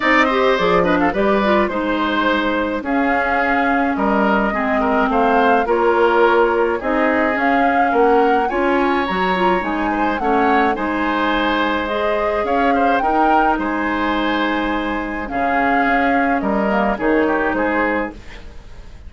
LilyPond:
<<
  \new Staff \with { instrumentName = "flute" } { \time 4/4 \tempo 4 = 106 dis''4 d''8 dis''16 f''16 d''4 c''4~ | c''4 f''2 dis''4~ | dis''4 f''4 cis''2 | dis''4 f''4 fis''4 gis''4 |
ais''4 gis''4 fis''4 gis''4~ | gis''4 dis''4 f''4 g''4 | gis''2. f''4~ | f''4 dis''4 cis''4 c''4 | }
  \new Staff \with { instrumentName = "oboe" } { \time 4/4 d''8 c''4 b'16 a'16 b'4 c''4~ | c''4 gis'2 ais'4 | gis'8 ais'8 c''4 ais'2 | gis'2 ais'4 cis''4~ |
cis''4. c''8 cis''4 c''4~ | c''2 cis''8 c''8 ais'4 | c''2. gis'4~ | gis'4 ais'4 gis'8 g'8 gis'4 | }
  \new Staff \with { instrumentName = "clarinet" } { \time 4/4 dis'8 g'8 gis'8 d'8 g'8 f'8 dis'4~ | dis'4 cis'2. | c'2 f'2 | dis'4 cis'2 f'4 |
fis'8 f'8 dis'4 cis'4 dis'4~ | dis'4 gis'2 dis'4~ | dis'2. cis'4~ | cis'4. ais8 dis'2 | }
  \new Staff \with { instrumentName = "bassoon" } { \time 4/4 c'4 f4 g4 gis4~ | gis4 cis'2 g4 | gis4 a4 ais2 | c'4 cis'4 ais4 cis'4 |
fis4 gis4 a4 gis4~ | gis2 cis'4 dis'4 | gis2. cis4 | cis'4 g4 dis4 gis4 | }
>>